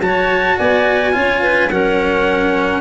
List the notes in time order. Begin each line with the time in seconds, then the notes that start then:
0.00 F#3 F#4 C#5 A5
0.58 B3 D5 G#5
1.13 C#4 F4 C#5
1.42 B4
1.70 F#3 C#4 A#4 F#5